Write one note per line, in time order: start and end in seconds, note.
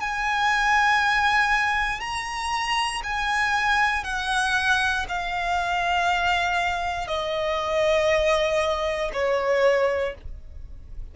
0.00 2.00 G#5
2.00 3.02 A#5
3.04 4.04 G#5
4.04 5.06 F#5
5.08 7.08 F5
7.08 9.11 D#5
9.13 10.15 C#5